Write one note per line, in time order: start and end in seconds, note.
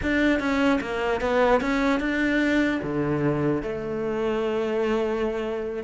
0.02 0.39 D4
0.39 0.79 C#4
0.80 1.20 A#3
1.20 1.60 B3
1.60 1.99 C#4
1.99 2.80 D4
2.82 3.62 D3
3.62 5.83 A3